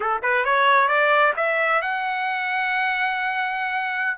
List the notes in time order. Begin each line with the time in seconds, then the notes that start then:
0.00 A4
0.22 B4
0.44 C#5
0.88 D5
1.36 E5
1.81 F#5